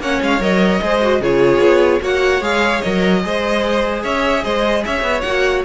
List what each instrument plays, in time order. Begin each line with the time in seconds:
0.00 cello A#3, viola C#4, violin C#5 F#5
0.22 cello G#3, violin F5
0.40 cello F#3, viola A#4, violin D#5
0.81 cello G#3, viola G#4, violin C5
1.02 viola F#4
1.20 cello C#3, viola F4, violin G#4 C#5
1.59 cello B3
2.01 cello A#3, viola F#4, violin C#5 F#5
2.41 cello G#3, viola G#4, violin F5
2.82 cello F#3, viola A#4, violin D#5
3.22 cello G#3, viola G#4, violin C5
4.03 cello C#4, violin C#5 E5
4.44 cello G#3, violin C5 D#5
4.85 cello C#4, violin C#5 E5
5.03 cello B3
5.21 cello A#3, viola F#4, violin F#5